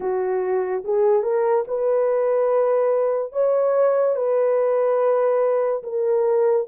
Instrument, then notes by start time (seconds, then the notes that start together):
horn
0.00 F#4
0.84 G#4
1.22 A#4
1.67 B4
3.32 C#5
4.16 B4
5.83 A#4